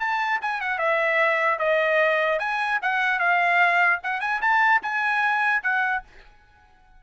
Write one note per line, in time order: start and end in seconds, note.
0.00 0.40 A5
0.42 0.61 G#5
0.61 0.79 F#5
0.79 1.59 E5
1.59 2.40 D#5
2.40 2.80 G#5
2.82 3.20 F#5
3.20 4.00 F5
4.04 4.21 F#5
4.21 4.41 G#5
4.41 4.82 A5
4.83 5.63 G#5
5.63 6.03 F#5